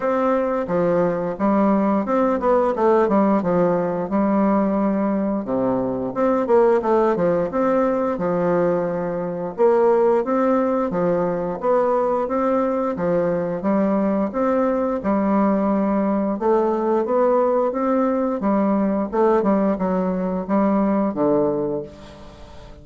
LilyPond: \new Staff \with { instrumentName = "bassoon" } { \time 4/4 \tempo 4 = 88 c'4 f4 g4 c'8 b8 | a8 g8 f4 g2 | c4 c'8 ais8 a8 f8 c'4 | f2 ais4 c'4 |
f4 b4 c'4 f4 | g4 c'4 g2 | a4 b4 c'4 g4 | a8 g8 fis4 g4 d4 | }